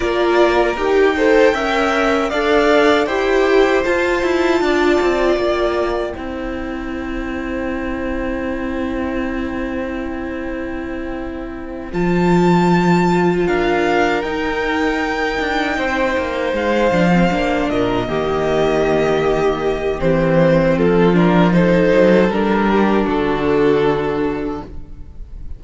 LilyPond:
<<
  \new Staff \with { instrumentName = "violin" } { \time 4/4 \tempo 4 = 78 d''4 g''2 f''4 | g''4 a''2 g''4~ | g''1~ | g''2.~ g''8 a''8~ |
a''4. f''4 g''4.~ | g''4. f''4. dis''4~ | dis''2 c''4 a'8 ais'8 | c''4 ais'4 a'2 | }
  \new Staff \with { instrumentName = "violin" } { \time 4/4 ais'4. c''8 e''4 d''4 | c''2 d''2 | c''1~ | c''1~ |
c''4. ais'2~ ais'8~ | ais'8 c''2~ c''8 ais'8 g'8~ | g'2. f'4 | a'4. g'8 fis'2 | }
  \new Staff \with { instrumentName = "viola" } { \time 4/4 f'4 g'8 a'8 ais'4 a'4 | g'4 f'2. | e'1~ | e'2.~ e'8 f'8~ |
f'2~ f'8 dis'4.~ | dis'2 d'16 c'16 d'4 ais8~ | ais2 c'4. d'8 | dis'4 d'2. | }
  \new Staff \with { instrumentName = "cello" } { \time 4/4 ais4 dis'4 cis'4 d'4 | e'4 f'8 e'8 d'8 c'8 ais4 | c'1~ | c'2.~ c'8 f8~ |
f4. d'4 dis'4. | d'8 c'8 ais8 gis8 f8 ais8 ais,8 dis8~ | dis2 e4 f4~ | f8 fis8 g4 d2 | }
>>